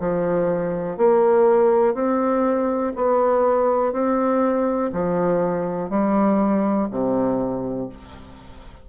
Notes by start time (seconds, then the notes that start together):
0.00 F3
0.97 A#3
1.94 C4
2.96 B3
3.93 C4
4.92 F3
5.90 G3
6.91 C3